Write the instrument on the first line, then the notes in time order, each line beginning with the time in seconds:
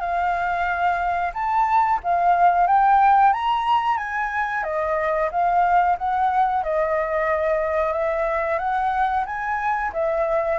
flute
0.00 F5
1.34 A5
2.03 F5
2.67 G5
3.33 A#5
3.97 G#5
4.64 D#5
5.31 F5
5.98 F#5
6.64 D#5
7.93 E5
8.59 F#5
9.26 G#5
9.93 E5